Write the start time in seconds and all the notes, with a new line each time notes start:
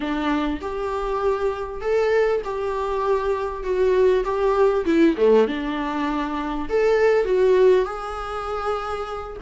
0.00 D4
0.61 G4
1.81 A4
2.44 G4
3.63 F#4
4.24 G4
4.85 E4
5.17 A3
5.47 D4
6.69 A4
7.25 F#4
7.85 G#4